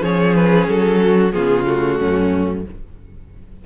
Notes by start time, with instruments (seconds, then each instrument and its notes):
0.00 cello F3, viola C#4, violin G#4 C#5
0.35 violin B4
0.68 cello F#3, violin A4
1.02 violin F#4
1.32 cello C#3, viola B3, violin F4 G#4
1.66 viola A3, violin F#4
1.99 cello F#2, violin C#4